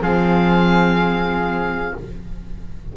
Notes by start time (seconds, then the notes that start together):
0.00 F3 C4 G#4 F5